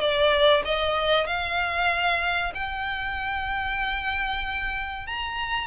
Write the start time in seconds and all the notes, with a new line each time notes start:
0.00 D5
0.64 D#5
1.26 F5
2.54 G5
5.06 A#5